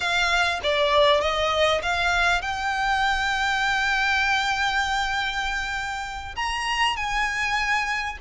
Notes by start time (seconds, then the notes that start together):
0.00 F5
0.63 D5
1.20 D#5
1.82 F5
2.41 G5
6.35 A#5
6.96 G#5